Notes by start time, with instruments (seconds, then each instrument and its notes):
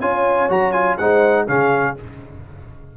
0.00 tuba C#4, trombone F4, horn C#5, trumpet G#5
0.49 tuba F#3, trombone F#4, trumpet A#5
0.72 trombone F4, trumpet G#5
0.97 tuba G#3, trombone D#4, horn C5, trumpet F#5
1.44 tuba C#3, trombone C#4, horn G#4, trumpet F5